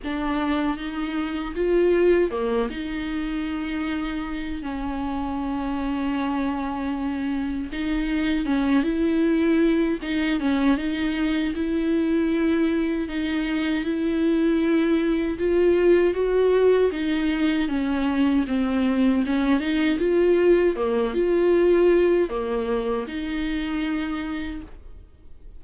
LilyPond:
\new Staff \with { instrumentName = "viola" } { \time 4/4 \tempo 4 = 78 d'4 dis'4 f'4 ais8 dis'8~ | dis'2 cis'2~ | cis'2 dis'4 cis'8 e'8~ | e'4 dis'8 cis'8 dis'4 e'4~ |
e'4 dis'4 e'2 | f'4 fis'4 dis'4 cis'4 | c'4 cis'8 dis'8 f'4 ais8 f'8~ | f'4 ais4 dis'2 | }